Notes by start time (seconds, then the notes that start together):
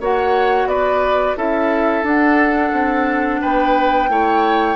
0.00 A#3 F#4 C#5 F#5
0.66 B3 B4 D5
1.37 C#4 E4 A4 E5
2.04 D4 F#5
2.72 C4
3.41 B3 B4 G5
4.10 A3 E4 C#5